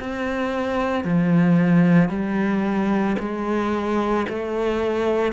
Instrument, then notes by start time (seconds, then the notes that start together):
cello
0.00 C4
1.04 F3
2.09 G3
3.19 G#3
4.29 A3